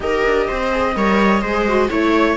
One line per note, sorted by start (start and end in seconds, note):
0.00 0.22 D#4
0.00 0.70 G4
0.00 0.48 A#4
0.00 1.90 D#5
0.24 0.48 D4
0.48 0.95 C4
0.48 0.95 C5
0.71 0.95 G#4
0.95 1.42 G3
0.95 1.43 A#4
0.95 1.41 C#5
1.41 1.89 G#3
1.41 1.68 G#4
1.41 1.89 C5
1.68 1.89 F#4
1.89 2.37 A3
1.89 2.36 E4
1.89 2.37 C#5